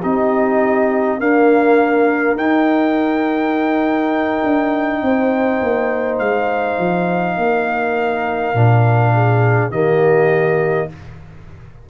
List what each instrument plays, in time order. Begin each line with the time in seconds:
0.00 tuba C4, trombone D#4, horn G4, trumpet D#5
1.18 trombone A#3, tuba D4, horn A#4, trumpet F5
2.36 tuba D#4, trombone D#4, trumpet G5
4.43 tuba D4
5.01 tuba C4, horn C5
5.61 tuba A#3
6.18 tuba G#3, trumpet F5
6.78 tuba F3
7.37 tuba A#3, horn A#4
8.53 tuba A#2, trombone D4
9.14 horn G#4
9.70 tuba D#3, trombone A#3, horn G4, trumpet D#5